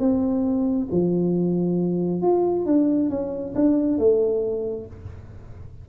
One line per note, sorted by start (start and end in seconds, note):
0.00 0.88 C4
0.92 2.22 F3
2.22 2.66 F4
2.66 3.10 D4
3.10 3.54 C#4
3.55 3.98 D4
3.98 4.86 A3